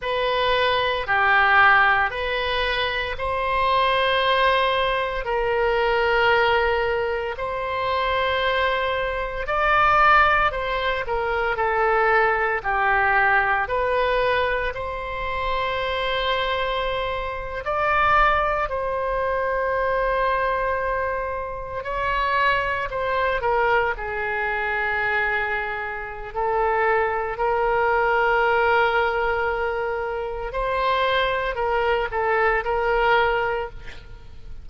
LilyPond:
\new Staff \with { instrumentName = "oboe" } { \time 4/4 \tempo 4 = 57 b'4 g'4 b'4 c''4~ | c''4 ais'2 c''4~ | c''4 d''4 c''8 ais'8 a'4 | g'4 b'4 c''2~ |
c''8. d''4 c''2~ c''16~ | c''8. cis''4 c''8 ais'8 gis'4~ gis'16~ | gis'4 a'4 ais'2~ | ais'4 c''4 ais'8 a'8 ais'4 | }